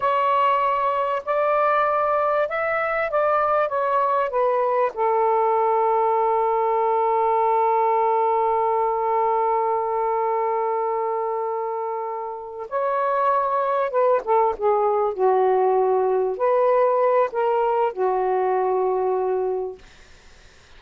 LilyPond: \new Staff \with { instrumentName = "saxophone" } { \time 4/4 \tempo 4 = 97 cis''2 d''2 | e''4 d''4 cis''4 b'4 | a'1~ | a'1~ |
a'1~ | a'8 cis''2 b'8 a'8 gis'8~ | gis'8 fis'2 b'4. | ais'4 fis'2. | }